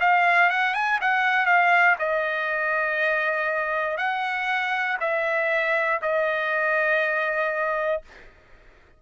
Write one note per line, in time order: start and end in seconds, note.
0.00 0.50 F5
0.50 0.74 F#5
0.74 0.99 G#5
1.01 1.45 F#5
1.45 1.95 F5
1.99 3.97 D#5
3.97 4.97 F#5
5.00 6.00 E5
6.01 8.01 D#5